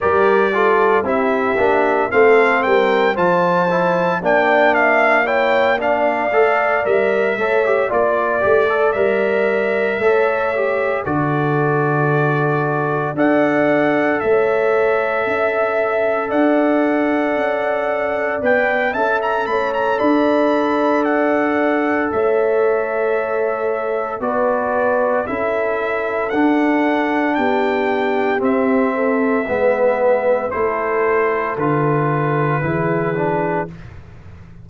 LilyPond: <<
  \new Staff \with { instrumentName = "trumpet" } { \time 4/4 \tempo 4 = 57 d''4 e''4 f''8 g''8 a''4 | g''8 f''8 g''8 f''4 e''4 d''8~ | d''8 e''2 d''4.~ | d''8 fis''4 e''2 fis''8~ |
fis''4. g''8 a''16 ais''16 b''16 ais''16 b''4 | fis''4 e''2 d''4 | e''4 fis''4 g''4 e''4~ | e''4 c''4 b'2 | }
  \new Staff \with { instrumentName = "horn" } { \time 4/4 ais'8 a'8 g'4 a'8 ais'8 c''4 | d''8 e''8 cis''8 d''4. cis''8 d''8~ | d''4. cis''4 a'4.~ | a'8 d''4 cis''4 e''4 d''8~ |
d''2 e''8 cis''8 d''4~ | d''4 cis''2 b'4 | a'2 g'4. a'8 | b'4 a'2 gis'4 | }
  \new Staff \with { instrumentName = "trombone" } { \time 4/4 g'8 f'8 e'8 d'8 c'4 f'8 e'8 | d'4 e'8 d'8 a'8 ais'8 a'16 g'16 f'8 | g'16 a'16 ais'4 a'8 g'8 fis'4.~ | fis'8 a'2.~ a'8~ |
a'4. b'8 a'2~ | a'2. fis'4 | e'4 d'2 c'4 | b4 e'4 f'4 e'8 d'8 | }
  \new Staff \with { instrumentName = "tuba" } { \time 4/4 g4 c'8 ais8 a8 g8 f4 | ais2 a8 g8 a8 ais8 | a8 g4 a4 d4.~ | d8 d'4 a4 cis'4 d'8~ |
d'8 cis'4 b8 cis'8 a8 d'4~ | d'4 a2 b4 | cis'4 d'4 b4 c'4 | gis4 a4 d4 e4 | }
>>